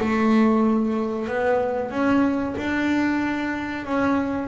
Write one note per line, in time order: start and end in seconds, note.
0.00 1.28 A3
1.28 1.91 B3
1.91 2.55 C#4
2.58 3.86 D4
3.86 4.48 C#4